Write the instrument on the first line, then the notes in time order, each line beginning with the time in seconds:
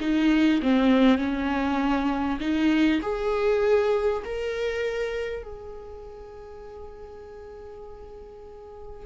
viola
0.00 D#4
0.62 C4
1.17 C#4
2.40 D#4
3.02 G#4
4.25 A#4
5.43 G#4